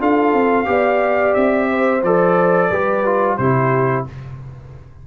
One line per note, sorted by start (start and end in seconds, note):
0.00 0.33 D4
0.00 0.65 F4
0.00 0.67 A4
0.00 1.34 F5
0.33 0.67 C4
0.65 1.35 B3
0.65 2.00 G4
0.65 1.70 D5
1.34 2.03 C4
1.34 2.02 E5
1.70 2.70 C5
2.03 2.70 F3
2.03 2.72 A4
2.03 3.37 D5
2.70 3.38 G3
2.70 3.06 G4
2.70 3.37 B4
3.06 3.39 F4
3.37 4.06 C3
3.37 4.07 E4
3.37 4.06 G4
3.37 4.04 C5